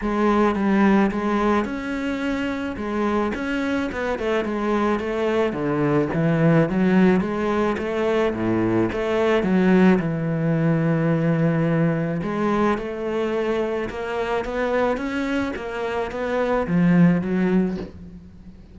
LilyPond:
\new Staff \with { instrumentName = "cello" } { \time 4/4 \tempo 4 = 108 gis4 g4 gis4 cis'4~ | cis'4 gis4 cis'4 b8 a8 | gis4 a4 d4 e4 | fis4 gis4 a4 a,4 |
a4 fis4 e2~ | e2 gis4 a4~ | a4 ais4 b4 cis'4 | ais4 b4 f4 fis4 | }